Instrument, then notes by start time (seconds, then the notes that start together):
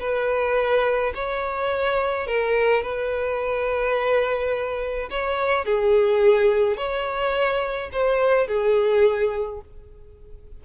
violin
0.00 B4
1.15 C#5
2.27 A#4
2.83 B4
5.10 C#5
5.65 G#4
6.77 C#5
7.92 C5
8.48 G#4